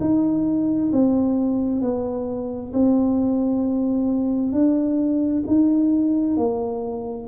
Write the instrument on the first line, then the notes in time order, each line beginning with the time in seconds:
tuba
0.00 D#4
0.92 C4
1.81 B3
2.73 C4
4.52 D4
5.47 D#4
6.37 A#3